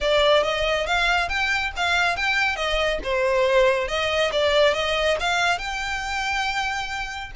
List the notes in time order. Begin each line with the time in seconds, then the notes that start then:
0.00 D5
0.43 D#5
0.86 F5
1.28 G5
1.76 F5
2.16 G5
2.56 D#5
3.03 C5
3.88 D#5
4.32 D5
4.73 D#5
5.19 F5
5.58 G5